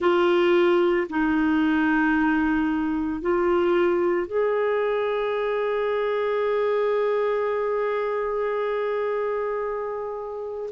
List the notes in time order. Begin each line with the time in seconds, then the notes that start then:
0.00 F4
1.09 D#4
3.21 F4
4.27 G#4